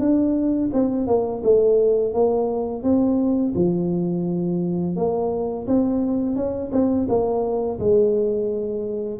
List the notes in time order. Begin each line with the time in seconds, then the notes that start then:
0.00 D4
0.73 C4
1.07 A#3
1.44 A3
2.14 A#3
2.83 C4
3.55 F3
4.96 A#3
5.67 C4
6.36 C#4
6.73 C4
7.09 A#3
7.80 G#3